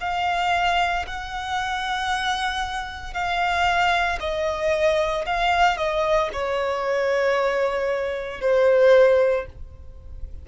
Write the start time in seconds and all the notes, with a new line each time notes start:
0.00 F5
1.07 F#5
3.13 F5
4.20 D#5
5.25 F5
5.77 D#5
6.33 C#5
8.41 C5